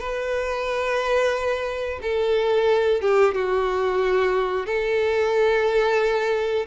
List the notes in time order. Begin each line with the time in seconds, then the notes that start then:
0.00 B4
2.02 A4
3.02 G4
3.35 F#4
4.66 A4